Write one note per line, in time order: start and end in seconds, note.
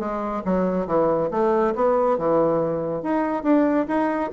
0.00 0.43 G#3
0.45 0.87 F#3
0.87 1.30 E3
1.31 1.74 A3
1.75 2.18 B3
2.18 3.03 E3
3.03 3.44 D#4
3.44 3.87 D4
3.88 4.31 D#4